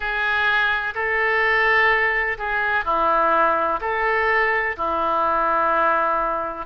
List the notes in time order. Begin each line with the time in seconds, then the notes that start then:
0.00 G#4
0.94 A4
2.38 G#4
2.84 E4
3.81 A4
4.77 E4